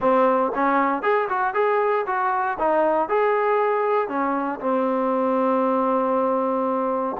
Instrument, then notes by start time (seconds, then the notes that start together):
trombone
0.00 C4
0.55 C#4
1.02 G#4
1.29 F#4
1.54 G#4
2.06 F#4
2.59 D#4
3.09 G#4
4.08 C#4
4.59 C4